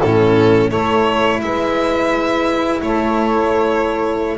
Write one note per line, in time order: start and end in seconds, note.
0.00 0.72 A2
0.00 0.71 C#4
0.00 0.69 E4
0.00 0.70 A4
0.69 1.42 A3
0.69 4.37 E4
0.69 1.39 A4
0.69 1.40 C#5
1.42 2.82 G#3
1.42 2.83 B4
1.42 2.81 E5
2.82 4.38 A3
2.82 4.38 A4
2.82 4.38 C#5